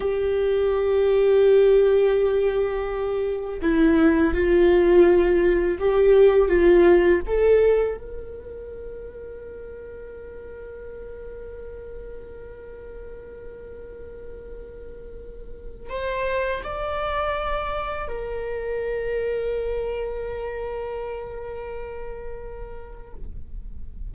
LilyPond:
\new Staff \with { instrumentName = "viola" } { \time 4/4 \tempo 4 = 83 g'1~ | g'4 e'4 f'2 | g'4 f'4 a'4 ais'4~ | ais'1~ |
ais'1~ | ais'2 c''4 d''4~ | d''4 ais'2.~ | ais'1 | }